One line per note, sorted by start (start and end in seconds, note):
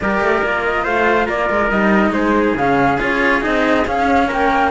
0.00 0.20 G3
0.00 0.45 G4
0.00 0.83 A#4
0.00 0.63 D5
0.20 0.41 A3
0.43 0.86 A#3
0.43 1.72 F4
0.63 0.84 D#5
0.83 1.28 A3
0.83 1.26 C5
0.83 1.27 F5
1.26 1.49 A#3
1.26 2.12 A#4
1.26 1.70 D5
1.49 1.71 G#3
1.70 2.10 G3
1.70 2.58 D#4
1.70 2.12 D#5
2.10 2.53 G#3
2.10 4.27 G#4
2.10 2.55 C5
2.55 2.98 C#3
2.55 2.98 C#4
2.55 3.00 F5
2.98 3.45 C#4
2.98 3.41 F4
2.98 3.44 C#5
3.41 3.87 C4
3.41 3.84 D#4
3.41 3.86 D#5
3.87 4.29 C#4
3.87 4.71 C#4
3.87 4.29 F5
4.27 4.71 A#3
4.27 4.70 A#4
4.27 4.71 G5